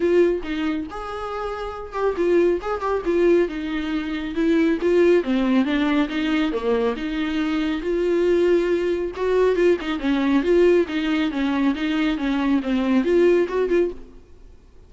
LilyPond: \new Staff \with { instrumentName = "viola" } { \time 4/4 \tempo 4 = 138 f'4 dis'4 gis'2~ | gis'8 g'8 f'4 gis'8 g'8 f'4 | dis'2 e'4 f'4 | c'4 d'4 dis'4 ais4 |
dis'2 f'2~ | f'4 fis'4 f'8 dis'8 cis'4 | f'4 dis'4 cis'4 dis'4 | cis'4 c'4 f'4 fis'8 f'8 | }